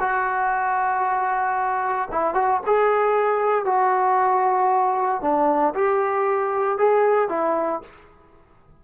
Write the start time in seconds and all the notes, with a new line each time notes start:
0.00 F#4
2.12 E4
2.35 F#4
2.66 G#4
3.65 F#4
5.22 D4
5.75 G4
6.78 G#4
7.29 E4